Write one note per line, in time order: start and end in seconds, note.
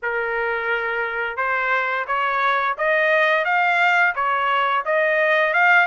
0.02 1.36 A#4
1.36 2.05 C5
2.07 2.76 C#5
2.77 3.45 D#5
3.45 4.13 F5
4.15 4.84 C#5
4.85 5.53 D#5
5.53 5.86 F5